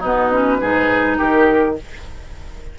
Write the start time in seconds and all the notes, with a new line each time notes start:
0.00 B2 B3 D#4 B4
0.32 C#4
0.61 G#2 D#4 G#4
1.18 D#3 G4 A#4